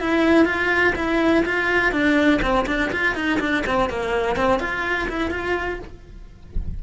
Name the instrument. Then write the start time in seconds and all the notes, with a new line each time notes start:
cello
0.00 E4
0.45 F4
0.95 E4
1.45 F4
1.92 D4
2.41 C4
2.67 D4
2.91 F4
3.15 D#4
3.40 D4
3.66 C4
3.89 A#3
4.36 C4
4.59 F4
5.08 E4
5.30 F4